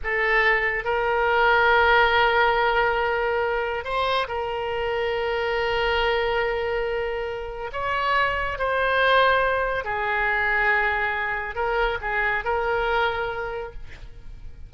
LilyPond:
\new Staff \with { instrumentName = "oboe" } { \time 4/4 \tempo 4 = 140 a'2 ais'2~ | ais'1~ | ais'4 c''4 ais'2~ | ais'1~ |
ais'2 cis''2 | c''2. gis'4~ | gis'2. ais'4 | gis'4 ais'2. | }